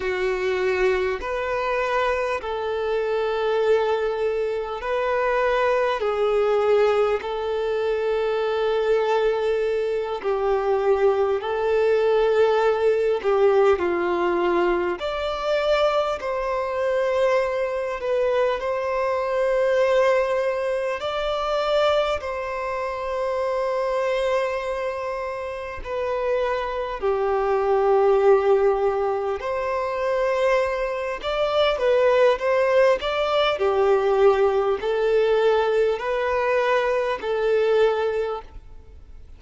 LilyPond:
\new Staff \with { instrumentName = "violin" } { \time 4/4 \tempo 4 = 50 fis'4 b'4 a'2 | b'4 gis'4 a'2~ | a'8 g'4 a'4. g'8 f'8~ | f'8 d''4 c''4. b'8 c''8~ |
c''4. d''4 c''4.~ | c''4. b'4 g'4.~ | g'8 c''4. d''8 b'8 c''8 d''8 | g'4 a'4 b'4 a'4 | }